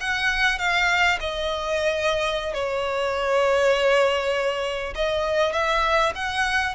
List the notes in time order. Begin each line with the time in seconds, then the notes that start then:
0.00 F#5
0.59 F5
1.20 D#5
2.54 C#5
4.95 D#5
5.53 E5
6.15 F#5